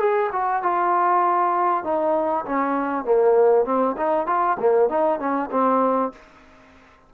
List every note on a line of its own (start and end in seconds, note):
0.00 0.31 G#4
0.33 0.63 F#4
0.63 1.85 F4
1.85 2.46 D#4
2.46 3.05 C#4
3.05 3.65 A#3
3.65 3.96 C4
3.97 4.27 D#4
4.27 4.58 F4
4.60 4.89 A#3
4.89 5.20 D#4
5.20 5.50 C#4
5.52 6.13 C4